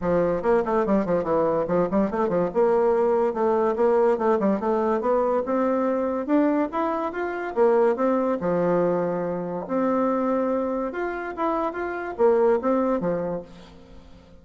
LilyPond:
\new Staff \with { instrumentName = "bassoon" } { \time 4/4 \tempo 4 = 143 f4 ais8 a8 g8 f8 e4 | f8 g8 a8 f8 ais2 | a4 ais4 a8 g8 a4 | b4 c'2 d'4 |
e'4 f'4 ais4 c'4 | f2. c'4~ | c'2 f'4 e'4 | f'4 ais4 c'4 f4 | }